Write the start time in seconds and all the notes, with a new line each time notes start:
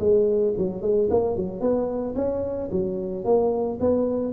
0.00 G#3
0.58 F#3
0.82 G#3
1.10 A#3
1.36 F#3
1.61 B3
2.15 C#4
2.72 F#3
3.25 A#3
3.81 B3